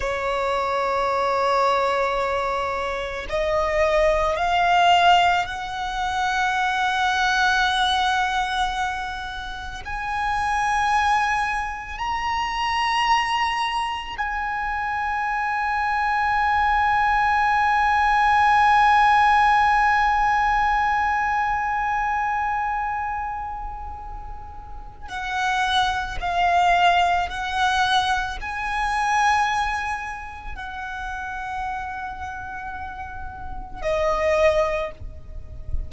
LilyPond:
\new Staff \with { instrumentName = "violin" } { \time 4/4 \tempo 4 = 55 cis''2. dis''4 | f''4 fis''2.~ | fis''4 gis''2 ais''4~ | ais''4 gis''2.~ |
gis''1~ | gis''2. fis''4 | f''4 fis''4 gis''2 | fis''2. dis''4 | }